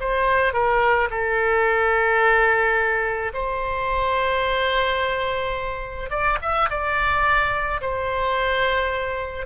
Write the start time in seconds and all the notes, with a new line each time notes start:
0.00 C5
0.54 A#4
1.11 A4
3.34 C5
6.10 D5
6.42 E5
6.70 D5
7.81 C5